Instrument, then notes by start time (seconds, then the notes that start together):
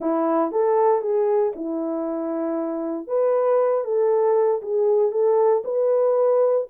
horn
0.00 E4
0.51 A4
1.01 G#4
1.55 E4
3.07 B4
3.84 A4
4.62 G#4
5.11 A4
5.64 B4